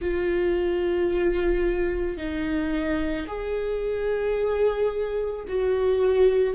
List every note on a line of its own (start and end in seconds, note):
0.01 2.17 F4
2.17 3.26 D#4
3.27 5.45 G#4
5.47 6.54 F#4